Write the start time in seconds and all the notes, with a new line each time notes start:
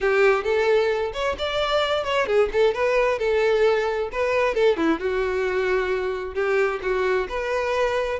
0.00 G4
0.44 A4
1.13 C#5
1.38 D5
2.04 C#5
2.26 G#4
2.52 A4
2.74 B4
3.18 A4
4.12 B4
4.54 A4
4.76 E4
4.99 F#4
6.34 G4
6.82 F#4
7.28 B4